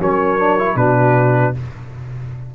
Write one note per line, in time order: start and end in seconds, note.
0.00 0.76 F#3
0.00 0.39 C#4
0.00 0.76 A#4
0.00 0.77 C#5
0.39 0.58 D4
0.59 0.76 E4
0.76 1.54 B2
0.76 1.54 D4
0.76 1.54 F#4
0.76 1.55 B4